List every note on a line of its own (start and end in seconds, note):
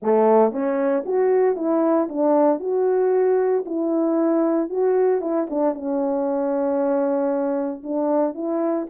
0.02 0.51 A3
0.51 1.04 C#4
1.05 1.56 F#4
1.56 2.08 E4
2.08 2.59 D4
2.59 3.64 F#4
3.65 4.69 E4
4.69 5.21 F#4
5.21 5.47 E4
5.49 5.74 D4
5.74 7.83 C#4
7.83 8.34 D4
8.34 8.86 E4